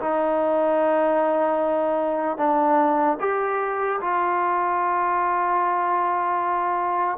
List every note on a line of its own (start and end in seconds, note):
0.00 2.37 D#4
2.37 3.17 D4
3.20 4.00 G4
4.01 7.18 F4